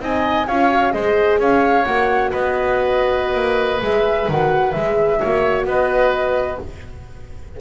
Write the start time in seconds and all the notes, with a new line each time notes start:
0.00 C4 D#4 D#5 G#5
0.47 C#4 F4 C#5 F5
0.70 F#4
0.91 G#3 G#4 C5 D#5
1.39 C#4 C#5 F5
1.85 A#3 F#4 F#5
2.31 B3 B4 D#5
3.34 A#3
3.81 G#3 G#4 E5
4.28 D#3 F#4 F#5
4.71 G#3 G#4 E5
5.19 A#3 F#4 C#5
5.65 B3 B4 D#5